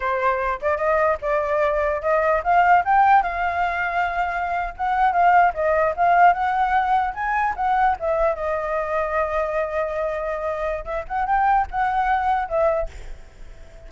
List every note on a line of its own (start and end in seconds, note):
0.00 0.59 C5
0.61 0.77 D5
0.77 1.17 D#5
1.21 2.01 D5
2.01 2.41 D#5
2.43 2.84 F5
2.84 3.22 G5
3.22 4.73 F5
4.76 5.12 F#5
5.12 5.52 F5
5.54 5.94 D#5
5.96 6.33 F5
6.33 7.13 F#5
7.13 7.54 G#5
7.56 7.96 F#5
7.99 8.35 E5
8.35 10.84 D#5
10.84 11.04 E5
11.07 11.26 F#5
11.26 11.66 G5
11.70 12.48 F#5
12.48 12.89 E5